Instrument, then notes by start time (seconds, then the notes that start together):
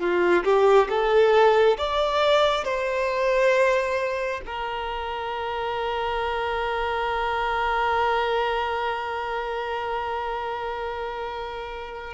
violin
0.00 F4
0.45 G4
0.89 A4
1.78 D5
2.65 C5
4.46 A#4